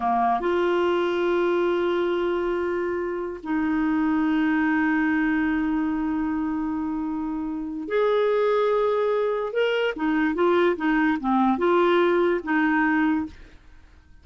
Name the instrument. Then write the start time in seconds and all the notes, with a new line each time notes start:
clarinet
0.00 A#3
0.40 F4
3.43 D#4
7.88 G#4
9.52 A#4
9.96 D#4
10.34 F4
10.76 D#4
11.19 C4
11.58 F4
12.43 D#4